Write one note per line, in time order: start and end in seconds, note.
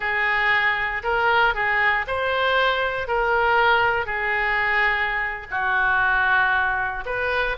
0.00 1.02 G#4
1.03 1.54 A#4
1.54 2.05 G#4
2.07 3.07 C5
3.07 4.06 A#4
4.06 5.47 G#4
5.50 7.04 F#4
7.05 7.56 B4